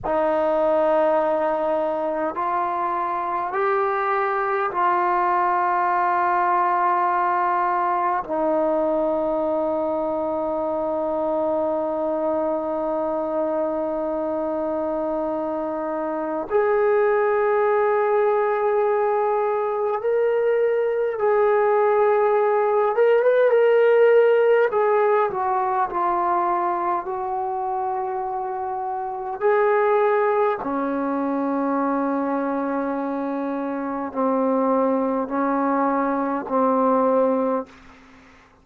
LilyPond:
\new Staff \with { instrumentName = "trombone" } { \time 4/4 \tempo 4 = 51 dis'2 f'4 g'4 | f'2. dis'4~ | dis'1~ | dis'2 gis'2~ |
gis'4 ais'4 gis'4. ais'16 b'16 | ais'4 gis'8 fis'8 f'4 fis'4~ | fis'4 gis'4 cis'2~ | cis'4 c'4 cis'4 c'4 | }